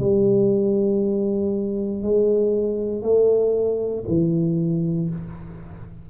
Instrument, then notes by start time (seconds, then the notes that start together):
tuba
0.00 G3
2.03 G#3
3.02 A3
4.09 E3